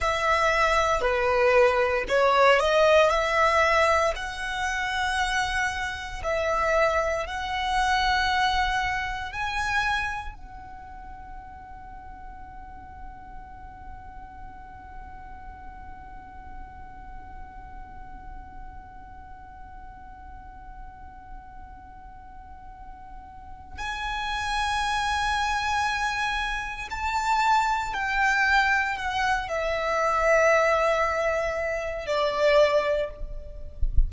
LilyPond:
\new Staff \with { instrumentName = "violin" } { \time 4/4 \tempo 4 = 58 e''4 b'4 cis''8 dis''8 e''4 | fis''2 e''4 fis''4~ | fis''4 gis''4 fis''2~ | fis''1~ |
fis''1~ | fis''2. gis''4~ | gis''2 a''4 g''4 | fis''8 e''2~ e''8 d''4 | }